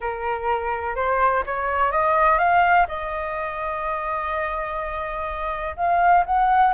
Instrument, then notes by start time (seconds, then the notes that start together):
flute
0.00 A#4
0.95 C5
1.46 C#5
1.91 D#5
2.38 F5
2.88 D#5
5.76 F5
6.25 F#5